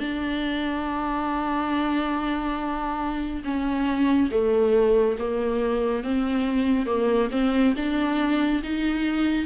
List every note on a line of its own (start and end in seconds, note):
0.00 3.43 D4
3.44 4.30 C#4
4.31 5.17 A3
5.19 6.04 A#3
6.04 6.86 C4
6.86 7.29 A#3
7.31 7.74 C4
7.76 8.62 D4
8.63 9.46 D#4